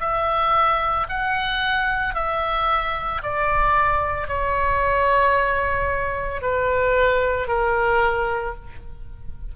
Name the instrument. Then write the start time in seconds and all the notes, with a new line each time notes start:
oboe
0.00 E5
1.09 F#5
2.15 E5
3.23 D5
4.28 C#5
6.42 B4
7.48 A#4